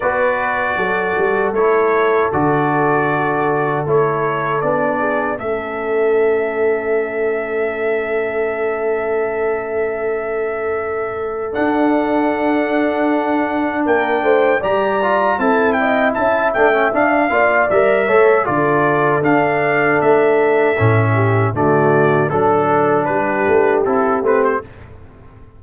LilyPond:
<<
  \new Staff \with { instrumentName = "trumpet" } { \time 4/4 \tempo 4 = 78 d''2 cis''4 d''4~ | d''4 cis''4 d''4 e''4~ | e''1~ | e''2. fis''4~ |
fis''2 g''4 ais''4 | a''8 g''8 a''8 g''8 f''4 e''4 | d''4 f''4 e''2 | d''4 a'4 b'4 a'8 b'16 c''16 | }
  \new Staff \with { instrumentName = "horn" } { \time 4/4 b'4 a'2.~ | a'2~ a'8 gis'8 a'4~ | a'1~ | a'1~ |
a'2 ais'8 c''8 d''4 | a'8 dis''8 e''4. d''4 cis''8 | a'2.~ a'8 g'8 | fis'4 a'4 g'2 | }
  \new Staff \with { instrumentName = "trombone" } { \time 4/4 fis'2 e'4 fis'4~ | fis'4 e'4 d'4 cis'4~ | cis'1~ | cis'2. d'4~ |
d'2. g'8 f'8 | e'4. d'16 cis'16 d'8 f'8 ais'8 a'8 | f'4 d'2 cis'4 | a4 d'2 e'8 c'8 | }
  \new Staff \with { instrumentName = "tuba" } { \time 4/4 b4 fis8 g8 a4 d4~ | d4 a4 b4 a4~ | a1~ | a2. d'4~ |
d'2 ais8 a8 g4 | c'4 cis'8 a8 d'8 ais8 g8 a8 | d4 d'4 a4 a,4 | d4 fis4 g8 a8 c'8 a8 | }
>>